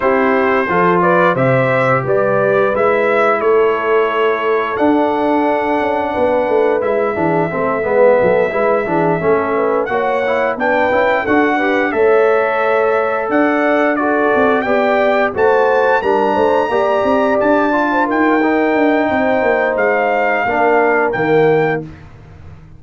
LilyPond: <<
  \new Staff \with { instrumentName = "trumpet" } { \time 4/4 \tempo 4 = 88 c''4. d''8 e''4 d''4 | e''4 cis''2 fis''4~ | fis''2 e''2~ | e''2~ e''8 fis''4 g''8~ |
g''8 fis''4 e''2 fis''8~ | fis''8 d''4 g''4 a''4 ais''8~ | ais''4. a''4 g''4.~ | g''4 f''2 g''4 | }
  \new Staff \with { instrumentName = "horn" } { \time 4/4 g'4 a'8 b'8 c''4 b'4~ | b'4 a'2.~ | a'4 b'4. gis'8 a'8 b'8 | a'8 b'8 gis'8 a'8 b'8 cis''4 b'8~ |
b'8 a'8 b'8 cis''2 d''8~ | d''8 a'4 d''4 c''4 ais'8 | c''8 d''4.~ d''16 c''16 ais'4. | c''2 ais'2 | }
  \new Staff \with { instrumentName = "trombone" } { \time 4/4 e'4 f'4 g'2 | e'2. d'4~ | d'2 e'8 d'8 c'8 b8~ | b8 e'8 d'8 cis'4 fis'8 e'8 d'8 |
e'8 fis'8 g'8 a'2~ a'8~ | a'8 fis'4 g'4 fis'4 d'8~ | d'8 g'4. f'4 dis'4~ | dis'2 d'4 ais4 | }
  \new Staff \with { instrumentName = "tuba" } { \time 4/4 c'4 f4 c4 g4 | gis4 a2 d'4~ | d'8 cis'8 b8 a8 gis8 e8 a8 gis8 | fis8 gis8 e8 a4 ais4 b8 |
cis'8 d'4 a2 d'8~ | d'4 c'8 b4 a4 g8 | a8 ais8 c'8 d'4 dis'4 d'8 | c'8 ais8 gis4 ais4 dis4 | }
>>